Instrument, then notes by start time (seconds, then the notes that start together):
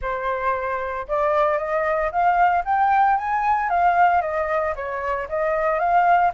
flute
0.01 C5
1.07 D5
1.58 D#5
2.11 F5
2.65 G5
3.17 G#5
3.69 F5
4.21 D#5
4.75 C#5
5.28 D#5
5.79 F5